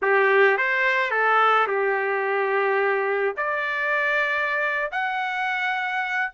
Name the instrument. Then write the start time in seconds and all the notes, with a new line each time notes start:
trumpet
0.02 G4
0.57 C5
1.11 A4
1.67 G4
3.36 D5
4.91 F#5